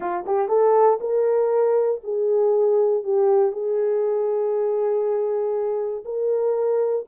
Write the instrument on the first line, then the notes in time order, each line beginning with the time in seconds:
horn
0.00 F4
0.26 G4
0.48 A4
1.00 A#4
2.03 G#4
3.03 G4
3.52 G#4
6.05 A#4